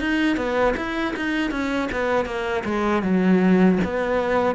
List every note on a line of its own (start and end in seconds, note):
0.00 0.37 D#4
0.37 0.75 B3
0.77 1.15 E4
1.16 1.51 D#4
1.51 1.89 C#4
1.92 2.26 B3
2.26 2.64 A#3
2.65 3.03 G#3
3.03 3.79 F#3
3.85 4.56 B3